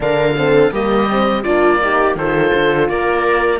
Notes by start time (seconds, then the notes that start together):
0.00 D3 D4 A#4 F5
0.37 C4 A4
0.72 G3 A#3 G4 D#5
1.09 C4
1.43 A#3 D4 F4 D5
1.81 D#4 G4
2.15 D#3 F4 A4 C5
2.54 D3
2.89 A#3 A#4 D5